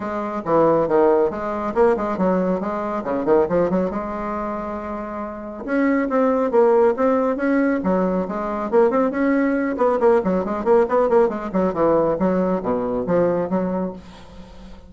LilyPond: \new Staff \with { instrumentName = "bassoon" } { \time 4/4 \tempo 4 = 138 gis4 e4 dis4 gis4 | ais8 gis8 fis4 gis4 cis8 dis8 | f8 fis8 gis2.~ | gis4 cis'4 c'4 ais4 |
c'4 cis'4 fis4 gis4 | ais8 c'8 cis'4. b8 ais8 fis8 | gis8 ais8 b8 ais8 gis8 fis8 e4 | fis4 b,4 f4 fis4 | }